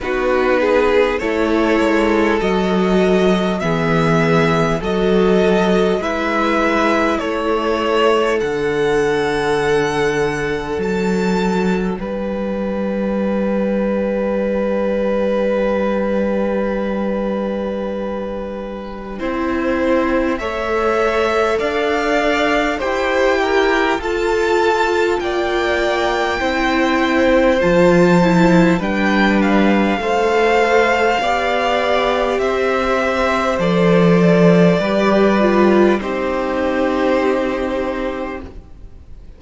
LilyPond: <<
  \new Staff \with { instrumentName = "violin" } { \time 4/4 \tempo 4 = 50 b'4 cis''4 dis''4 e''4 | dis''4 e''4 cis''4 fis''4~ | fis''4 a''4 g''2~ | g''1~ |
g''4 e''4 f''4 g''4 | a''4 g''2 a''4 | g''8 f''2~ f''8 e''4 | d''2 c''2 | }
  \new Staff \with { instrumentName = "violin" } { \time 4/4 fis'8 gis'8 a'2 gis'4 | a'4 b'4 a'2~ | a'2 b'2~ | b'1 |
c''4 cis''4 d''4 c''8 ais'8 | a'4 d''4 c''2 | b'4 c''4 d''4 c''4~ | c''4 b'4 g'2 | }
  \new Staff \with { instrumentName = "viola" } { \time 4/4 dis'4 e'4 fis'4 b4 | fis'4 e'2 d'4~ | d'1~ | d'1 |
e'4 a'2 g'4 | f'2 e'4 f'8 e'8 | d'4 a'4 g'2 | a'4 g'8 f'8 dis'2 | }
  \new Staff \with { instrumentName = "cello" } { \time 4/4 b4 a8 gis8 fis4 e4 | fis4 gis4 a4 d4~ | d4 fis4 g2~ | g1 |
c'4 a4 d'4 e'4 | f'4 ais4 c'4 f4 | g4 a4 b4 c'4 | f4 g4 c'2 | }
>>